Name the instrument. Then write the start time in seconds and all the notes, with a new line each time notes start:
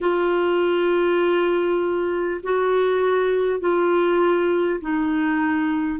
clarinet
0.01 F4
2.43 F#4
3.59 F4
4.80 D#4